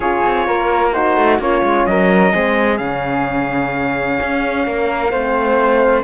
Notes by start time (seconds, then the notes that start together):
0.00 C#4 F4 G#4 C#5
0.25 C4
0.47 A#3 A#4
0.93 D#4 F#4 C5
1.17 A3
1.38 A#3 C#4 F4 C#5
1.62 G#3
1.86 F#3 A#4 D#5
2.32 G#3 C4 G#4
2.77 C#3 C#4 F5
4.21 C#4
4.65 A#3 A#4
5.11 A3 C4 C5